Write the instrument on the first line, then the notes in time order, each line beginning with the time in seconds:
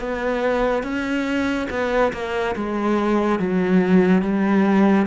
cello
0.00 B3
0.83 C#4
1.70 B3
2.13 A#3
2.55 G#3
3.39 F#3
4.22 G3